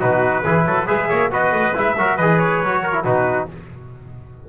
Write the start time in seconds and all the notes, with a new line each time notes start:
0.00 B2 D#4 F#4 B4
0.44 E3 E4 G#4
0.66 F#3 A4
0.87 G#3 G#4 B4 E5
1.09 A#3 C#5
1.31 B3 F#4 B4 D#5
1.51 A3
1.74 G#3 E4 E5
1.97 F#3 F#4 A#4
2.17 E3 G#4 B4 D#5
2.39 C#5
2.62 F#3 F#4
2.83 A#4
2.93 E4
3.05 B2 D#4 F#4 B4